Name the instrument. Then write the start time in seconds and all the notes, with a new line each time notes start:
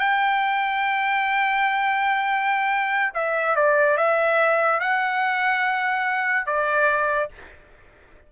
trumpet
0.00 G5
3.14 E5
3.56 D5
3.97 E5
4.80 F#5
6.47 D5